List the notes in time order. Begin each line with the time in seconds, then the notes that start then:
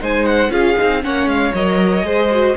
0.00 G#3 D#4 C5 G#5
0.26 F#5
0.49 C#4 F4 G#4 F5
0.77 C4 D#4
1.02 A#3 C#4 C#5 F#5
1.27 G#3 F5
1.54 F#3 A#4 D#5
2.03 G#3 G#4 C5
2.31 F#4